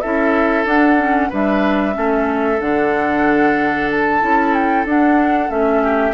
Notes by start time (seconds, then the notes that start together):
0.00 C#4 E4 A4 E5
0.65 D4 F#5
0.98 C#4
1.29 G3 D4 B4 E5
1.93 A3 C#4 A4
2.60 D3 D4 F#5
3.90 A5
4.21 C#4 E4
4.53 G5
4.85 D4 F#5
5.49 A3 C#4 E5
5.83 G4